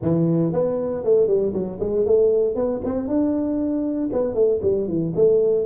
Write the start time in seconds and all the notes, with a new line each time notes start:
0.01 E3
0.52 B3
1.03 A3
1.27 G3
1.53 F#3
1.79 G#3
2.05 A3
2.55 B3
2.84 C4
3.07 D4
4.12 B3
4.34 A3
4.62 G3
4.87 E3
5.15 A3